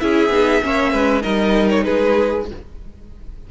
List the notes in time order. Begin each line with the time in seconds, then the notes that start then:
0.00 C#4 E4 G#4 E5
0.30 B3 D#4
0.63 A#3 C#4 C#5
0.93 G#3 B4
1.22 G3 D#4 A#4 D#5
1.71 C#5
1.84 G#3 G#4 B4